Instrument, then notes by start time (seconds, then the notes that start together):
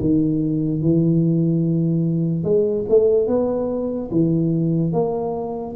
tuba
0.00 D#3
0.81 E3
2.44 G#3
2.89 A3
3.27 B3
4.11 E3
4.92 A#3